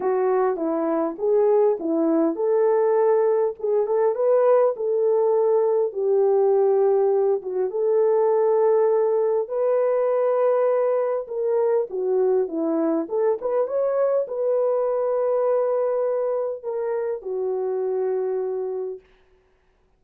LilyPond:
\new Staff \with { instrumentName = "horn" } { \time 4/4 \tempo 4 = 101 fis'4 e'4 gis'4 e'4 | a'2 gis'8 a'8 b'4 | a'2 g'2~ | g'8 fis'8 a'2. |
b'2. ais'4 | fis'4 e'4 a'8 b'8 cis''4 | b'1 | ais'4 fis'2. | }